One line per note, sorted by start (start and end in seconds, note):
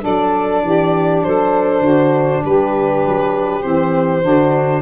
0.00 0.63 F#3
0.00 3.60 D4
0.00 0.61 A4
0.00 1.23 D5
0.63 1.23 E3
0.63 1.25 G4
1.23 1.79 F#3
1.23 1.81 A4
1.23 2.43 C5
1.79 2.40 D3
1.79 2.42 F#4
2.44 3.04 G3
2.44 4.22 G4
2.44 3.61 B4
3.04 3.64 F#3
3.61 4.24 E3
3.61 4.21 C4
3.61 4.81 C5
4.22 4.81 D3
4.22 4.81 D4
4.22 4.81 F#4